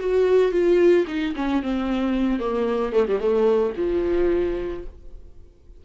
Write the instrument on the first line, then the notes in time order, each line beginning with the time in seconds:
viola
0.00 F#4
0.52 F4
1.08 D#4
1.36 C#4
1.63 C4
2.40 A#3
2.93 A3
3.08 G3
3.20 A3
3.77 F3